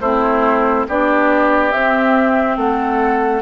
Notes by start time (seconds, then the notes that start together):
0.00 A3 C4 E4 C5
0.88 B3 D4 G4 D5
1.71 C4 E5
2.57 A3 A4 F#5